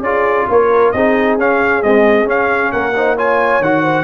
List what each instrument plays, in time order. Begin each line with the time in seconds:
0.00 tuba C#4, trombone F4, horn G#4, trumpet D5
0.49 tuba A#3, horn A#4, trumpet C#5
0.91 tuba C4, trombone D#4, horn G#4, trumpet D#5
1.37 tuba C#4, trombone C#4, trumpet F5
1.82 trombone G#3, tuba C4, trumpet D#5
2.25 trombone C#4, tuba C#4, trumpet F5
2.72 tuba A#3, horn A#4, trumpet F#5
2.95 trombone D#4, horn C5
3.16 trombone F4, horn C#5, trumpet G#5
3.60 tuba D#3, trombone F#4, trumpet F#5
3.82 horn C5